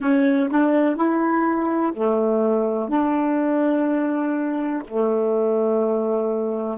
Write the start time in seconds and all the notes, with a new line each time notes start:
0.00 C#4
0.50 D4
0.95 E4
1.94 A3
2.89 D4
4.87 A3